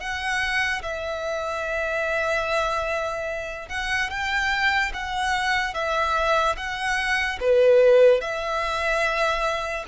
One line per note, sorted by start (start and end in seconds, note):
0.00 0.82 F#5
0.83 3.69 E5
3.69 4.10 F#5
4.10 4.92 G5
4.94 5.74 F#5
5.74 6.56 E5
6.57 7.39 F#5
7.40 8.21 B4
8.21 9.85 E5